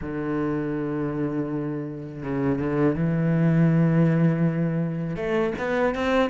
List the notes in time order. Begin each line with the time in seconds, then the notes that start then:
0.01 D3
2.23 C#3
2.58 D3
2.95 E3
5.16 A3
5.58 B3
5.94 C4